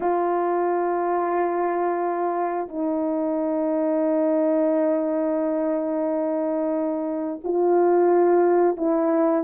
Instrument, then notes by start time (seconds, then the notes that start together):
horn
0.00 F4
2.68 D#4
7.43 F4
8.76 E4